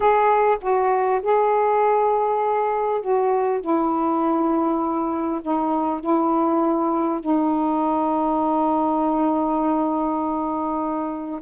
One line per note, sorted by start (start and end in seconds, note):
0.00 0.57 G#4
0.61 1.21 F#4
1.22 3.01 G#4
3.01 3.60 F#4
3.60 5.40 E4
5.41 6.00 D#4
6.00 7.20 E4
7.20 11.40 D#4